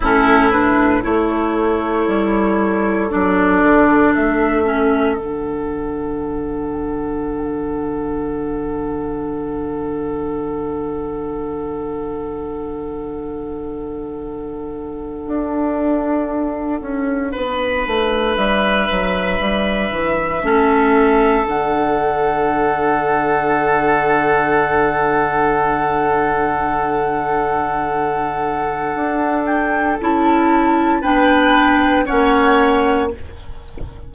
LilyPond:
<<
  \new Staff \with { instrumentName = "flute" } { \time 4/4 \tempo 4 = 58 a'8 b'8 cis''2 d''4 | e''4 fis''2.~ | fis''1~ | fis''1~ |
fis''4.~ fis''16 e''2~ e''16~ | e''8. fis''2.~ fis''16~ | fis''1~ | fis''8 g''8 a''4 g''4 fis''4 | }
  \new Staff \with { instrumentName = "oboe" } { \time 4/4 e'4 a'2.~ | a'1~ | a'1~ | a'1~ |
a'8. b'2. a'16~ | a'1~ | a'1~ | a'2 b'4 cis''4 | }
  \new Staff \with { instrumentName = "clarinet" } { \time 4/4 cis'8 d'8 e'2 d'4~ | d'8 cis'8 d'2.~ | d'1~ | d'1~ |
d'2.~ d'8. cis'16~ | cis'8. d'2.~ d'16~ | d'1~ | d'4 e'4 d'4 cis'4 | }
  \new Staff \with { instrumentName = "bassoon" } { \time 4/4 a,4 a4 g4 fis8 d8 | a4 d2.~ | d1~ | d2~ d8. d'4~ d'16~ |
d'16 cis'8 b8 a8 g8 fis8 g8 e8 a16~ | a8. d2.~ d16~ | d1 | d'4 cis'4 b4 ais4 | }
>>